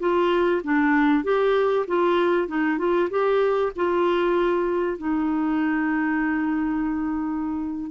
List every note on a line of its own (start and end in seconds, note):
0.00 0.62 F4
0.64 1.24 D4
1.24 1.86 G4
1.88 2.48 F4
2.48 2.78 D#4
2.78 3.09 F4
3.10 3.72 G4
3.76 4.98 F4
4.98 7.91 D#4